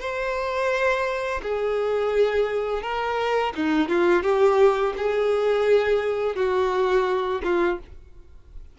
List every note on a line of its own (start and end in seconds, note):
0.00 1.41 C5
1.43 2.83 G#4
2.83 3.53 A#4
3.56 3.89 D#4
3.89 4.23 F4
4.23 4.94 G4
4.98 6.36 G#4
6.36 7.41 F#4
7.44 7.79 F4